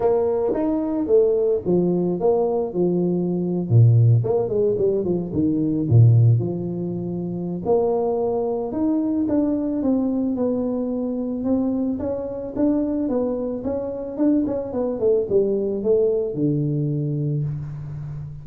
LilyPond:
\new Staff \with { instrumentName = "tuba" } { \time 4/4 \tempo 4 = 110 ais4 dis'4 a4 f4 | ais4 f4.~ f16 ais,4 ais16~ | ais16 gis8 g8 f8 dis4 ais,4 f16~ | f2 ais2 |
dis'4 d'4 c'4 b4~ | b4 c'4 cis'4 d'4 | b4 cis'4 d'8 cis'8 b8 a8 | g4 a4 d2 | }